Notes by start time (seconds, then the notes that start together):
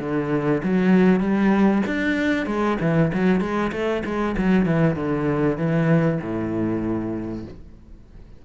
0.00 D3
0.64 F#3
1.20 G3
1.87 D4
2.46 G#3
2.81 E3
3.13 F#3
3.41 G#3
3.72 A3
4.05 G#3
4.37 F#3
4.66 E3
4.96 D3
5.58 E3
6.21 A2